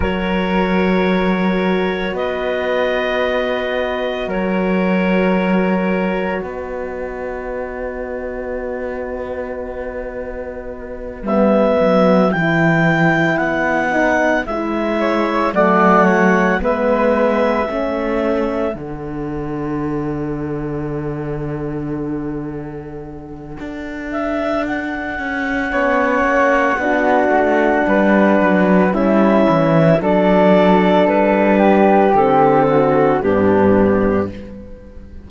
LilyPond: <<
  \new Staff \with { instrumentName = "clarinet" } { \time 4/4 \tempo 4 = 56 cis''2 dis''2 | cis''2 dis''2~ | dis''2~ dis''8 e''4 g''8~ | g''8 fis''4 e''4 fis''4 e''8~ |
e''4. fis''2~ fis''8~ | fis''2~ fis''8 e''8 fis''4~ | fis''2. e''4 | d''4 b'4 a'4 g'4 | }
  \new Staff \with { instrumentName = "flute" } { \time 4/4 ais'2 b'2 | ais'2 b'2~ | b'1~ | b'2 cis''8 d''8 cis''8 b'8~ |
b'8 a'2.~ a'8~ | a'1 | cis''4 fis'4 b'4 e'4 | a'4. g'4 fis'8 d'4 | }
  \new Staff \with { instrumentName = "horn" } { \time 4/4 fis'1~ | fis'1~ | fis'2~ fis'8 b4 e'8~ | e'4 dis'8 e'4 a4 b8~ |
b8 cis'4 d'2~ d'8~ | d'1 | cis'4 d'2 cis'4 | d'2 c'4 b4 | }
  \new Staff \with { instrumentName = "cello" } { \time 4/4 fis2 b2 | fis2 b2~ | b2~ b8 g8 fis8 e8~ | e8 b4 gis4 fis4 gis8~ |
gis8 a4 d2~ d8~ | d2 d'4. cis'8 | b8 ais8 b8 a8 g8 fis8 g8 e8 | fis4 g4 d4 g,4 | }
>>